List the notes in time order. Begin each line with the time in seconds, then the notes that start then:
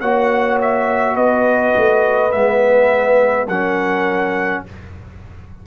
0.00 A#3 F#4 C#5 F#5
0.61 E5
1.16 B3 B4 D#5
1.76 A3
2.31 G#3 B3 E5
3.48 F#3 C#4 A#4 F#5